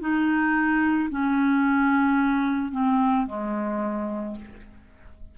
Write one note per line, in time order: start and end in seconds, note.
0.00 1.09 D#4
1.10 2.71 C#4
2.71 3.26 C4
3.26 4.35 G#3